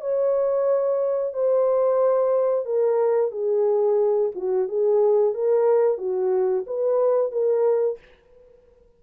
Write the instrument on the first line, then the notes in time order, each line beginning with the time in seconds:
horn
0.00 C#5
1.33 C5
2.65 A#4
3.31 G#4
4.35 F#4
4.68 G#4
5.34 A#4
5.98 F#4
6.66 B4
7.32 A#4